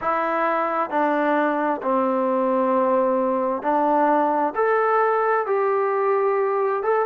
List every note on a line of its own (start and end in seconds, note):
0.01 0.90 E4
0.90 1.81 D4
1.82 3.62 C4
3.62 4.53 D4
4.55 5.46 A4
5.46 6.82 G4
6.82 7.05 A4